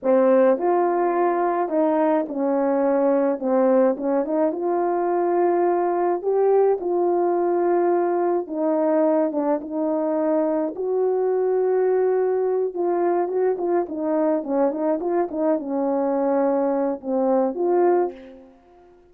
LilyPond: \new Staff \with { instrumentName = "horn" } { \time 4/4 \tempo 4 = 106 c'4 f'2 dis'4 | cis'2 c'4 cis'8 dis'8 | f'2. g'4 | f'2. dis'4~ |
dis'8 d'8 dis'2 fis'4~ | fis'2~ fis'8 f'4 fis'8 | f'8 dis'4 cis'8 dis'8 f'8 dis'8 cis'8~ | cis'2 c'4 f'4 | }